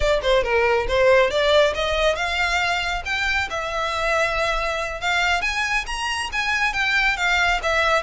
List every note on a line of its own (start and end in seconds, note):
0.00 0.20 D5
0.22 0.43 C5
0.43 0.87 A#4
0.87 1.30 C5
1.30 1.73 D5
1.74 2.15 D#5
2.15 3.02 F5
3.05 3.48 G5
3.49 5.00 E5
5.00 5.41 F5
5.41 5.85 G#5
5.86 6.29 A#5
6.32 6.73 G#5
6.73 7.16 G5
7.16 7.60 F5
7.62 8.02 E5